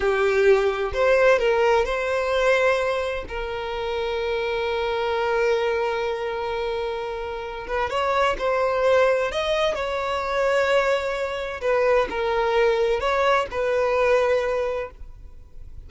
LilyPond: \new Staff \with { instrumentName = "violin" } { \time 4/4 \tempo 4 = 129 g'2 c''4 ais'4 | c''2. ais'4~ | ais'1~ | ais'1~ |
ais'8 b'8 cis''4 c''2 | dis''4 cis''2.~ | cis''4 b'4 ais'2 | cis''4 b'2. | }